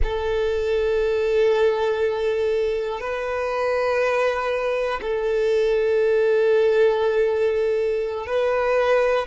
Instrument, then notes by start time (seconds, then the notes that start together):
violin
0.03 A4
3.00 B4
5.01 A4
8.26 B4